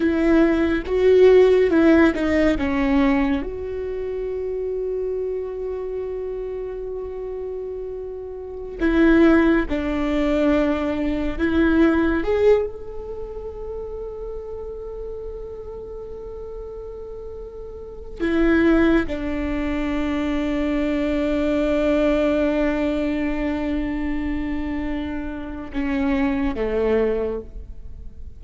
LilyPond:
\new Staff \with { instrumentName = "viola" } { \time 4/4 \tempo 4 = 70 e'4 fis'4 e'8 dis'8 cis'4 | fis'1~ | fis'2~ fis'16 e'4 d'8.~ | d'4~ d'16 e'4 gis'8 a'4~ a'16~ |
a'1~ | a'4~ a'16 e'4 d'4.~ d'16~ | d'1~ | d'2 cis'4 a4 | }